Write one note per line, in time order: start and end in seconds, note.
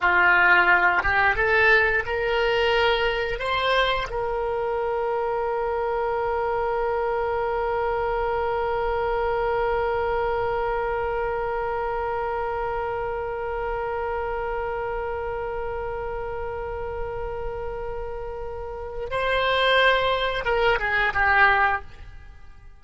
0.01 1.02 F4
1.02 1.35 G4
1.35 2.03 A4
2.06 3.39 A#4
3.39 4.07 C5
4.09 19.09 A#4
19.10 20.44 C5
20.44 20.78 A#4
20.79 21.13 G#4
21.13 21.82 G4